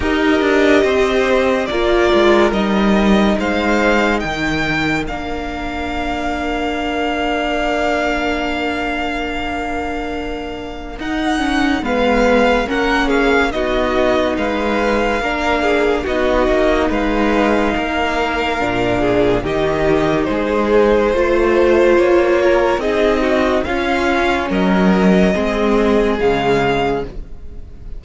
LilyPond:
<<
  \new Staff \with { instrumentName = "violin" } { \time 4/4 \tempo 4 = 71 dis''2 d''4 dis''4 | f''4 g''4 f''2~ | f''1~ | f''4 fis''4 f''4 fis''8 f''8 |
dis''4 f''2 dis''4 | f''2. dis''4 | c''2 cis''4 dis''4 | f''4 dis''2 f''4 | }
  \new Staff \with { instrumentName = "violin" } { \time 4/4 ais'4 c''4 ais'2 | c''4 ais'2.~ | ais'1~ | ais'2 b'4 ais'8 gis'8 |
fis'4 b'4 ais'8 gis'8 fis'4 | b'4 ais'4. gis'8 g'4 | gis'4 c''4. ais'8 gis'8 fis'8 | f'4 ais'4 gis'2 | }
  \new Staff \with { instrumentName = "viola" } { \time 4/4 g'2 f'4 dis'4~ | dis'2 d'2~ | d'1~ | d'4 dis'8 cis'8 b4 cis'4 |
dis'2 d'4 dis'4~ | dis'2 d'4 dis'4~ | dis'4 f'2 dis'4 | cis'2 c'4 gis4 | }
  \new Staff \with { instrumentName = "cello" } { \time 4/4 dis'8 d'8 c'4 ais8 gis8 g4 | gis4 dis4 ais2~ | ais1~ | ais4 dis'4 gis4 ais4 |
b4 gis4 ais4 b8 ais8 | gis4 ais4 ais,4 dis4 | gis4 a4 ais4 c'4 | cis'4 fis4 gis4 cis4 | }
>>